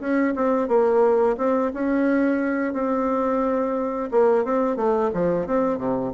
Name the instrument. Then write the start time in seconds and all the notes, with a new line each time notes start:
bassoon
0.00 C#4
0.36 C4
0.68 A#3
1.38 C4
1.74 C#4
2.73 C4
4.12 A#3
4.44 C4
4.76 A3
5.14 F3
5.47 C4
5.78 C3